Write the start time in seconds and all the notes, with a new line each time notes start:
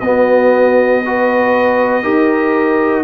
0.00 B3 F#4 D#5
1.03 F#4 B4
2.03 D#4 G4 A#4